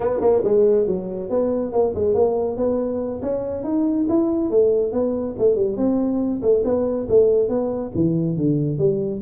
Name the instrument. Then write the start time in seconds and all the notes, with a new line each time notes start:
tuba
0.00 B3
0.20 A#3
0.43 G#3
0.86 F#3
1.29 B3
1.72 A#3
1.95 G#3
2.14 A#3
2.57 B3
3.22 C#4
3.63 D#4
4.08 E4
4.50 A3
4.92 B3
5.38 A3
5.55 G3
5.76 C4
6.41 A3
6.64 B3
7.08 A3
7.48 B3
7.94 E3
8.36 D3
8.78 G3